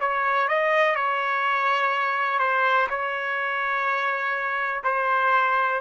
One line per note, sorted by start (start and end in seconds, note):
0.00 0.48 C#5
0.48 0.95 D#5
0.95 2.39 C#5
2.39 2.87 C5
2.89 4.83 C#5
4.83 5.80 C5